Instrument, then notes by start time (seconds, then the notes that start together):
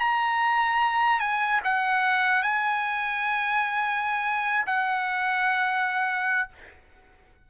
trumpet
0.00 A#5
1.20 G#5
1.65 F#5
2.43 G#5
4.67 F#5